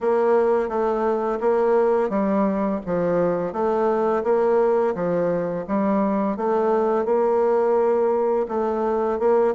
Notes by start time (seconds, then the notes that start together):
0.01 A#3
0.68 A3
1.40 A#3
2.09 G3
2.86 F3
3.52 A3
4.23 A#3
4.94 F3
5.67 G3
6.36 A3
7.05 A#3
8.48 A3
9.19 A#3